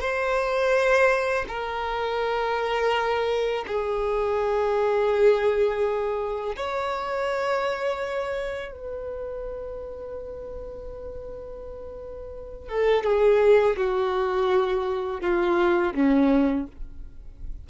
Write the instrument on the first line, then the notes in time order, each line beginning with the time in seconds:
violin
0.00 C5
1.48 A#4
3.66 G#4
6.56 C#5
8.71 B4
12.68 A4
13.04 G#4
13.76 F#4
15.21 F4
15.94 C#4